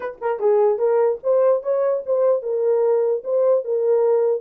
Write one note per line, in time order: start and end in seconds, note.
0.00 0.17 B4
0.21 0.39 A#4
0.39 0.78 G#4
0.78 1.18 A#4
1.23 1.63 C5
1.63 2.03 C#5
2.05 2.42 C5
2.42 3.23 A#4
3.24 3.64 C5
3.64 4.41 A#4